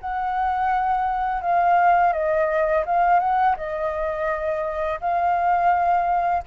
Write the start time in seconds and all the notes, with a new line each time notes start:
0.00 F#5
1.41 F5
2.13 D#5
2.85 F5
3.19 F#5
3.57 D#5
5.00 F5